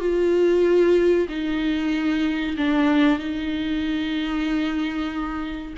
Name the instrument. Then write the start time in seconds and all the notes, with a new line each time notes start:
viola
0.00 F4
1.29 D#4
2.57 D4
3.19 D#4